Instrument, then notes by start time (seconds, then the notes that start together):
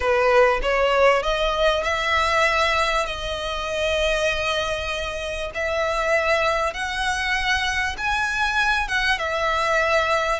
violin
0.00 B4
0.62 C#5
1.22 D#5
1.83 E5
3.06 D#5
5.54 E5
6.73 F#5
7.97 G#5
8.87 F#5
9.18 E5